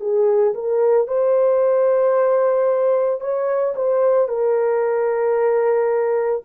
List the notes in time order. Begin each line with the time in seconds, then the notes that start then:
0.00 G#4
0.54 A#4
1.08 C5
3.20 C#5
3.76 C5
4.28 A#4